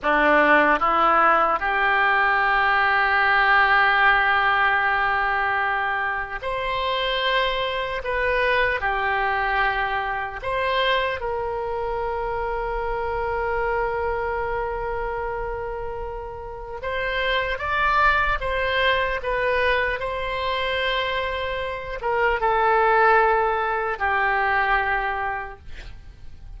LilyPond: \new Staff \with { instrumentName = "oboe" } { \time 4/4 \tempo 4 = 75 d'4 e'4 g'2~ | g'1 | c''2 b'4 g'4~ | g'4 c''4 ais'2~ |
ais'1~ | ais'4 c''4 d''4 c''4 | b'4 c''2~ c''8 ais'8 | a'2 g'2 | }